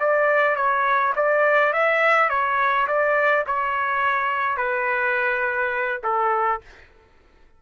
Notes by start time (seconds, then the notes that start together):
0.00 D5
0.56 C#5
1.16 D5
1.73 E5
2.30 C#5
2.88 D5
3.47 C#5
4.57 B4
6.04 A4